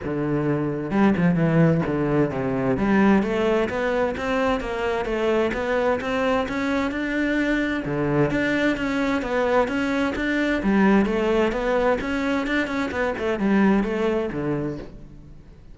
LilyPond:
\new Staff \with { instrumentName = "cello" } { \time 4/4 \tempo 4 = 130 d2 g8 f8 e4 | d4 c4 g4 a4 | b4 c'4 ais4 a4 | b4 c'4 cis'4 d'4~ |
d'4 d4 d'4 cis'4 | b4 cis'4 d'4 g4 | a4 b4 cis'4 d'8 cis'8 | b8 a8 g4 a4 d4 | }